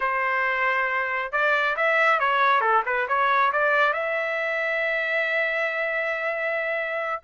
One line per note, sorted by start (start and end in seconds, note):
0.00 1.31 C5
1.32 1.76 D5
1.76 2.19 E5
2.19 2.61 C#5
2.61 2.82 A4
2.85 3.07 B4
3.08 3.52 C#5
3.52 3.93 D5
3.93 7.21 E5